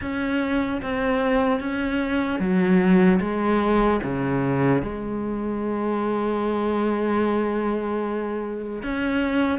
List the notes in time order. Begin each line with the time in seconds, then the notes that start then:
0.01 C#4
0.81 C4
1.60 C#4
2.39 F#3
3.20 G#3
4.03 C#3
4.82 G#3
8.82 C#4